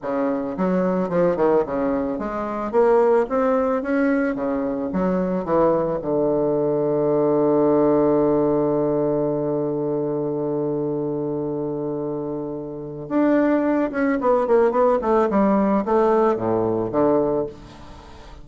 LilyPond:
\new Staff \with { instrumentName = "bassoon" } { \time 4/4 \tempo 4 = 110 cis4 fis4 f8 dis8 cis4 | gis4 ais4 c'4 cis'4 | cis4 fis4 e4 d4~ | d1~ |
d1~ | d1 | d'4. cis'8 b8 ais8 b8 a8 | g4 a4 a,4 d4 | }